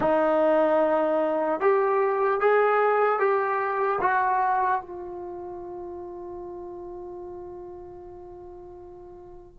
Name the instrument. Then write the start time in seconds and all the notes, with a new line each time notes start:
trombone
0.00 D#4
1.60 G4
2.40 G#4
3.19 G4
4.01 F#4
4.81 F4